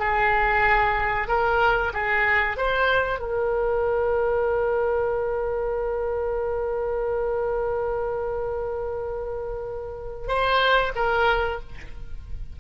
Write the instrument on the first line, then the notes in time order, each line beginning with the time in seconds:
oboe
0.00 G#4
1.28 A#4
1.94 G#4
2.57 C5
3.20 A#4
10.28 C5
10.96 A#4